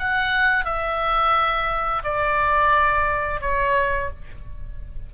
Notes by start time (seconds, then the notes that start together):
0.00 F#5
0.65 E5
2.04 D5
3.41 C#5